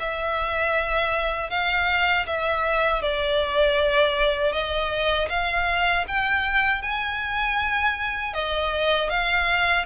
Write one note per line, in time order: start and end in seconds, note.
0.00 1.50 E5
1.50 2.26 F5
2.26 3.02 E5
3.02 4.53 D5
4.53 5.29 D#5
5.30 6.06 F5
6.08 6.82 G5
6.82 8.34 G#5
8.34 9.10 D#5
9.10 9.86 F5